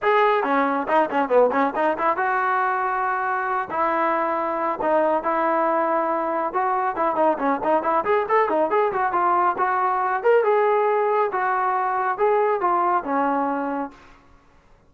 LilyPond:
\new Staff \with { instrumentName = "trombone" } { \time 4/4 \tempo 4 = 138 gis'4 cis'4 dis'8 cis'8 b8 cis'8 | dis'8 e'8 fis'2.~ | fis'8 e'2~ e'8 dis'4 | e'2. fis'4 |
e'8 dis'8 cis'8 dis'8 e'8 gis'8 a'8 dis'8 | gis'8 fis'8 f'4 fis'4. ais'8 | gis'2 fis'2 | gis'4 f'4 cis'2 | }